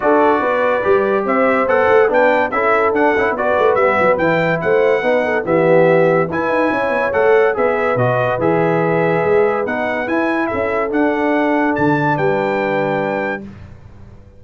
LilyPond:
<<
  \new Staff \with { instrumentName = "trumpet" } { \time 4/4 \tempo 4 = 143 d''2. e''4 | fis''4 g''4 e''4 fis''4 | d''4 e''4 g''4 fis''4~ | fis''4 e''2 gis''4~ |
gis''4 fis''4 e''4 dis''4 | e''2. fis''4 | gis''4 e''4 fis''2 | a''4 g''2. | }
  \new Staff \with { instrumentName = "horn" } { \time 4/4 a'4 b'2 c''4~ | c''4 b'4 a'2 | b'2. c''4 | b'8 a'8 g'2 b'4 |
cis''2 b'2~ | b'1~ | b'4 a'2.~ | a'4 b'2. | }
  \new Staff \with { instrumentName = "trombone" } { \time 4/4 fis'2 g'2 | a'4 d'4 e'4 d'8 e'8 | fis'4 b4 e'2 | dis'4 b2 e'4~ |
e'4 a'4 gis'4 fis'4 | gis'2. dis'4 | e'2 d'2~ | d'1 | }
  \new Staff \with { instrumentName = "tuba" } { \time 4/4 d'4 b4 g4 c'4 | b8 a8 b4 cis'4 d'8 cis'8 | b8 a8 g8 fis8 e4 a4 | b4 e2 e'8 dis'8 |
cis'8 b8 a4 b4 b,4 | e2 gis4 b4 | e'4 cis'4 d'2 | d4 g2. | }
>>